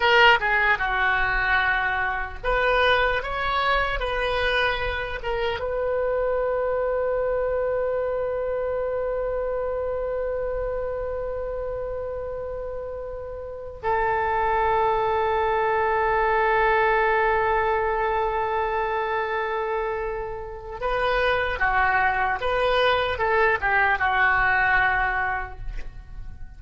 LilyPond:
\new Staff \with { instrumentName = "oboe" } { \time 4/4 \tempo 4 = 75 ais'8 gis'8 fis'2 b'4 | cis''4 b'4. ais'8 b'4~ | b'1~ | b'1~ |
b'4~ b'16 a'2~ a'8.~ | a'1~ | a'2 b'4 fis'4 | b'4 a'8 g'8 fis'2 | }